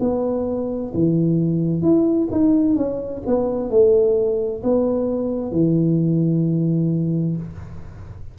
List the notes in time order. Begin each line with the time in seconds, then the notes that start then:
0.00 B3
0.94 E3
1.82 E4
2.32 D#4
2.77 C#4
3.27 B3
3.70 A3
4.64 B3
5.52 E3